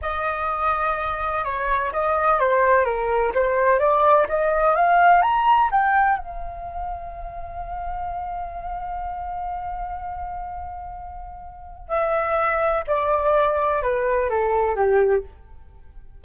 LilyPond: \new Staff \with { instrumentName = "flute" } { \time 4/4 \tempo 4 = 126 dis''2. cis''4 | dis''4 c''4 ais'4 c''4 | d''4 dis''4 f''4 ais''4 | g''4 f''2.~ |
f''1~ | f''1~ | f''4 e''2 d''4~ | d''4 b'4 a'4 g'4 | }